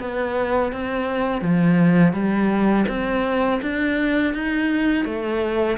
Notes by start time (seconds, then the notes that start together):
0.00 B3
0.73 C4
1.41 F3
2.13 G3
2.88 C4
3.62 D4
4.34 D#4
5.05 A3